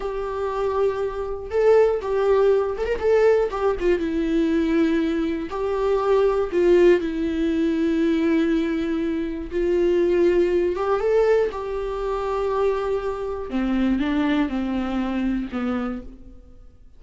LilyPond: \new Staff \with { instrumentName = "viola" } { \time 4/4 \tempo 4 = 120 g'2. a'4 | g'4. a'16 ais'16 a'4 g'8 f'8 | e'2. g'4~ | g'4 f'4 e'2~ |
e'2. f'4~ | f'4. g'8 a'4 g'4~ | g'2. c'4 | d'4 c'2 b4 | }